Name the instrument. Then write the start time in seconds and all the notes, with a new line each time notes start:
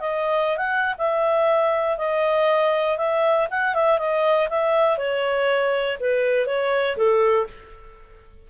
clarinet
0.00 D#5
0.57 F#5
0.98 E5
1.97 D#5
2.97 E5
3.50 F#5
3.74 E5
3.98 D#5
4.49 E5
4.97 C#5
6.00 B4
6.46 C#5
6.97 A4